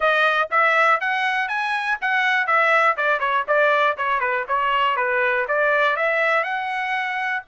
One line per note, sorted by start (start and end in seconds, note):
0.00 0.49 D#5
0.50 1.00 E5
1.00 1.48 F#5
1.48 1.98 G#5
2.01 2.46 F#5
2.46 2.96 E5
2.96 3.19 D5
3.19 3.44 C#5
3.47 3.97 D5
3.97 4.19 C#5
4.19 4.44 B4
4.48 4.96 C#5
4.96 5.45 B4
5.47 5.96 D5
5.96 6.43 E5
6.43 7.42 F#5